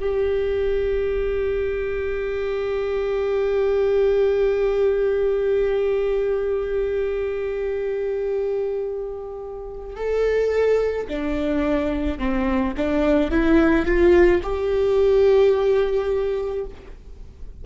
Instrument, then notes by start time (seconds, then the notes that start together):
viola
0.00 G4
9.96 A4
11.08 D4
12.19 C4
12.77 D4
13.31 E4
13.86 F4
14.43 G4